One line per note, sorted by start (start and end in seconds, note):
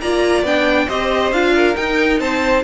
0.00 0.43 A#3
0.00 0.45 F4
0.00 0.87 D5
0.00 0.44 A#5
0.43 0.87 B3
0.43 0.89 D4
0.43 0.89 G5
0.87 1.32 C4
0.87 1.33 G4
0.87 1.53 C5
0.87 1.32 D#5
1.32 1.75 D4
1.32 1.74 F4
1.32 1.76 F5
1.55 2.20 A#4
1.74 2.62 D#4
1.74 2.20 D#4
1.74 2.20 G5
2.20 2.64 C4
2.20 2.64 C5
2.20 2.64 A5